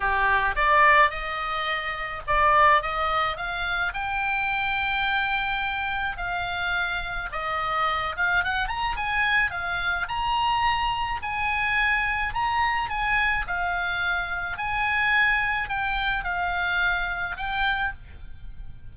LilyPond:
\new Staff \with { instrumentName = "oboe" } { \time 4/4 \tempo 4 = 107 g'4 d''4 dis''2 | d''4 dis''4 f''4 g''4~ | g''2. f''4~ | f''4 dis''4. f''8 fis''8 ais''8 |
gis''4 f''4 ais''2 | gis''2 ais''4 gis''4 | f''2 gis''2 | g''4 f''2 g''4 | }